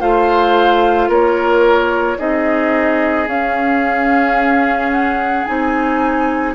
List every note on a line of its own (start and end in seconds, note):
0.00 1.08 A3
0.00 2.17 F4
0.00 1.08 C5
0.00 1.10 F5
1.08 2.17 A#3
1.08 2.17 A#4
1.08 2.19 C#5
2.17 3.27 C4
2.17 3.26 D#4
2.17 6.55 G#4
2.17 3.28 D#5
3.27 5.45 C#4
3.27 5.46 C#4
3.27 4.91 F5
4.91 5.45 F#5
5.45 6.55 C4
5.45 6.55 D#4
5.45 6.54 G#5